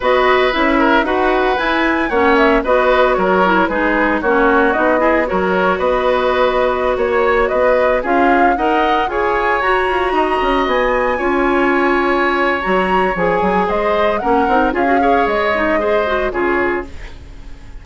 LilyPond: <<
  \new Staff \with { instrumentName = "flute" } { \time 4/4 \tempo 4 = 114 dis''4 e''4 fis''4 gis''4 | fis''8 e''8 dis''4 cis''4 b'4 | cis''4 dis''4 cis''4 dis''4~ | dis''4~ dis''16 cis''4 dis''4 f''8.~ |
f''16 fis''4 gis''4 ais''4.~ ais''16~ | ais''16 gis''2.~ gis''8. | ais''4 gis''4 dis''4 fis''4 | f''4 dis''2 cis''4 | }
  \new Staff \with { instrumentName = "oboe" } { \time 4/4 b'4. ais'8 b'2 | cis''4 b'4 ais'4 gis'4 | fis'4. gis'8 ais'4 b'4~ | b'4~ b'16 cis''4 b'4 gis'8.~ |
gis'16 dis''4 cis''2 dis''8.~ | dis''4~ dis''16 cis''2~ cis''8.~ | cis''2 c''4 ais'4 | gis'8 cis''4. c''4 gis'4 | }
  \new Staff \with { instrumentName = "clarinet" } { \time 4/4 fis'4 e'4 fis'4 e'4 | cis'4 fis'4. e'8 dis'4 | cis'4 dis'8 e'8 fis'2~ | fis'2.~ fis'16 f'8.~ |
f'16 ais'4 gis'4 fis'4.~ fis'16~ | fis'4~ fis'16 f'2~ f'8. | fis'4 gis'2 cis'8 dis'8 | f'16 fis'16 gis'4 dis'8 gis'8 fis'8 f'4 | }
  \new Staff \with { instrumentName = "bassoon" } { \time 4/4 b4 cis'4 dis'4 e'4 | ais4 b4 fis4 gis4 | ais4 b4 fis4 b4~ | b4~ b16 ais4 b4 cis'8.~ |
cis'16 dis'4 f'4 fis'8 f'8 dis'8 cis'16~ | cis'16 b4 cis'2~ cis'8. | fis4 f8 fis8 gis4 ais8 c'8 | cis'4 gis2 cis4 | }
>>